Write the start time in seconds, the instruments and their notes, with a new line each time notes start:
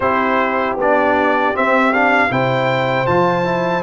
0.00 tuba C4, trombone E4, horn G4, trumpet C5
0.76 tuba B3, trombone D4, trumpet D5
1.54 trombone C4, tuba C4, trumpet E5
1.93 trombone D4, trumpet F5
2.29 tuba C3, trombone E4, horn C5, trumpet G5
3.06 tuba F3, trombone F4, trumpet A5
3.44 trombone E4